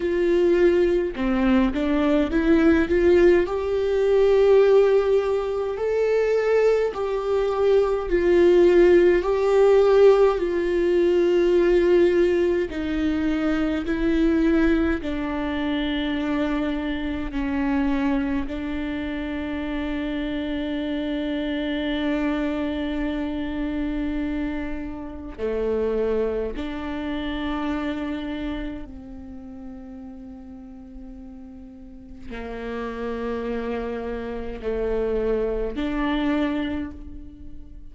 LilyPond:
\new Staff \with { instrumentName = "viola" } { \time 4/4 \tempo 4 = 52 f'4 c'8 d'8 e'8 f'8 g'4~ | g'4 a'4 g'4 f'4 | g'4 f'2 dis'4 | e'4 d'2 cis'4 |
d'1~ | d'2 a4 d'4~ | d'4 c'2. | ais2 a4 d'4 | }